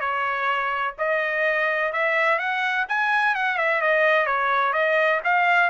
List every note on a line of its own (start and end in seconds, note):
0.00 0.94 C#5
0.98 1.92 D#5
1.92 2.39 E5
2.39 2.86 F#5
2.89 3.35 G#5
3.35 3.58 F#5
3.58 3.81 E5
3.81 4.26 D#5
4.26 4.73 C#5
4.73 5.20 D#5
5.24 5.70 F5